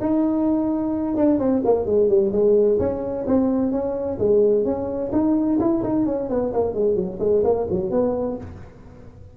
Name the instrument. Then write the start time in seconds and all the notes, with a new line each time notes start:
tuba
0.00 D#4
1.15 D4
1.38 C4
1.64 A#3
1.85 G#3
2.08 G3
2.32 G#3
2.78 C#4
3.26 C4
3.71 C#4
4.18 G#3
4.64 C#4
5.12 D#4
5.59 E4
5.83 D#4
6.06 C#4
6.29 B3
6.53 A#3
6.73 G#3
6.95 F#3
7.19 G#3
7.44 A#3
7.70 F#3
7.90 B3